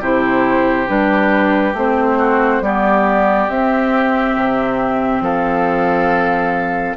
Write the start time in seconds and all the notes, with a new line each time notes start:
0.00 C3 E4 G4 C5
0.86 G3 D4 B4
1.74 A3 C4 C5
2.18 F#4
2.61 G3 B3 G4 D5
3.49 C4 E5
4.36 C3
5.20 F3 A4 F5